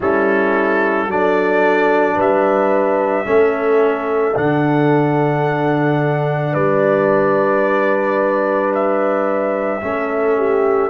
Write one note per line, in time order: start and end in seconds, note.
0.00 1.07 G3
0.00 1.10 C#4
0.00 1.09 E4
0.00 1.10 A4
1.07 2.16 F#3
1.07 3.25 D4
1.07 2.15 A4
1.07 2.19 D5
2.15 3.25 G3
2.15 3.24 B4
2.15 4.37 E5
3.25 4.35 A3
3.25 4.34 C#4
3.25 6.51 A4
4.35 6.54 D3
4.35 9.80 D4
4.35 6.54 F#5
6.51 9.82 G3
6.51 9.78 B4
6.51 8.72 D5
8.74 10.89 E5
9.81 10.89 A3
9.81 10.89 C#4
9.81 10.37 A4
10.37 10.89 G4